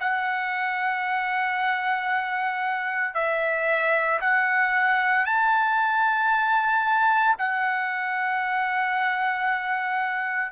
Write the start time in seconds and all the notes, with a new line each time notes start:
0.00 F#5
3.14 E5
4.21 F#5
5.25 A5
7.39 F#5